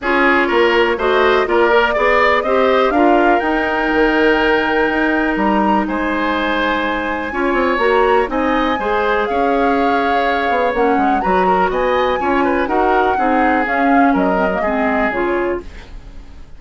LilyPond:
<<
  \new Staff \with { instrumentName = "flute" } { \time 4/4 \tempo 4 = 123 cis''2 dis''4 d''4~ | d''4 dis''4 f''4 g''4~ | g''2. ais''4 | gis''1 |
ais''4 gis''2 f''4~ | f''2 fis''4 ais''4 | gis''2 fis''2 | f''4 dis''2 cis''4 | }
  \new Staff \with { instrumentName = "oboe" } { \time 4/4 gis'4 ais'4 c''4 ais'4 | d''4 c''4 ais'2~ | ais'1 | c''2. cis''4~ |
cis''4 dis''4 c''4 cis''4~ | cis''2. b'8 ais'8 | dis''4 cis''8 b'8 ais'4 gis'4~ | gis'4 ais'4 gis'2 | }
  \new Staff \with { instrumentName = "clarinet" } { \time 4/4 f'2 fis'4 f'8 ais'8 | gis'4 g'4 f'4 dis'4~ | dis'1~ | dis'2. f'4 |
fis'4 dis'4 gis'2~ | gis'2 cis'4 fis'4~ | fis'4 f'4 fis'4 dis'4 | cis'4. c'16 ais16 c'4 f'4 | }
  \new Staff \with { instrumentName = "bassoon" } { \time 4/4 cis'4 ais4 a4 ais4 | b4 c'4 d'4 dis'4 | dis2 dis'4 g4 | gis2. cis'8 c'8 |
ais4 c'4 gis4 cis'4~ | cis'4. b8 ais8 gis8 fis4 | b4 cis'4 dis'4 c'4 | cis'4 fis4 gis4 cis4 | }
>>